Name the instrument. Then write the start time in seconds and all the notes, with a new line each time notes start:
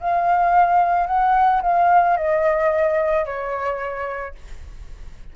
flute
0.00 F5
1.07 F#5
1.62 F5
2.17 D#5
3.26 C#5